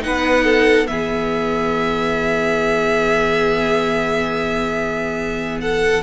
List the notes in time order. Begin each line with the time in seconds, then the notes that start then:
0.00 B3 D#4 B4 F#5
0.44 A4
0.87 E3 B3 G#4 E5
5.61 A4 F#5